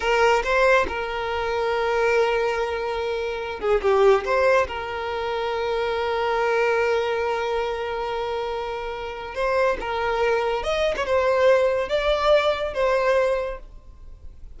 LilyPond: \new Staff \with { instrumentName = "violin" } { \time 4/4 \tempo 4 = 141 ais'4 c''4 ais'2~ | ais'1~ | ais'8 gis'8 g'4 c''4 ais'4~ | ais'1~ |
ais'1~ | ais'2 c''4 ais'4~ | ais'4 dis''8. cis''16 c''2 | d''2 c''2 | }